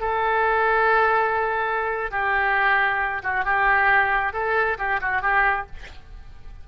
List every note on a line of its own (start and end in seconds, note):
0.00 2.11 A4
2.11 3.22 G4
3.23 3.44 F#4
3.44 4.33 G4
4.33 4.77 A4
4.78 5.00 G4
5.01 5.22 F#4
5.22 5.66 G4